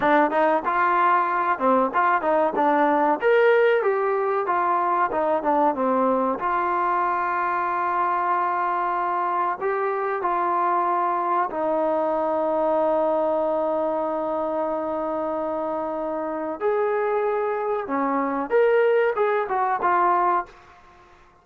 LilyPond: \new Staff \with { instrumentName = "trombone" } { \time 4/4 \tempo 4 = 94 d'8 dis'8 f'4. c'8 f'8 dis'8 | d'4 ais'4 g'4 f'4 | dis'8 d'8 c'4 f'2~ | f'2. g'4 |
f'2 dis'2~ | dis'1~ | dis'2 gis'2 | cis'4 ais'4 gis'8 fis'8 f'4 | }